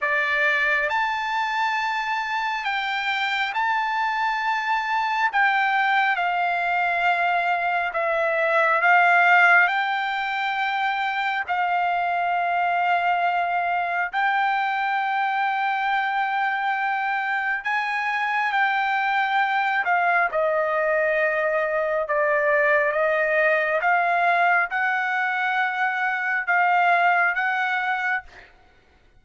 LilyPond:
\new Staff \with { instrumentName = "trumpet" } { \time 4/4 \tempo 4 = 68 d''4 a''2 g''4 | a''2 g''4 f''4~ | f''4 e''4 f''4 g''4~ | g''4 f''2. |
g''1 | gis''4 g''4. f''8 dis''4~ | dis''4 d''4 dis''4 f''4 | fis''2 f''4 fis''4 | }